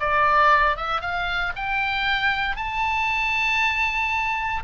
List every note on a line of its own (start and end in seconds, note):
0.00 0.77 D5
0.77 1.01 E5
1.01 1.53 F5
1.56 2.56 G5
2.56 4.63 A5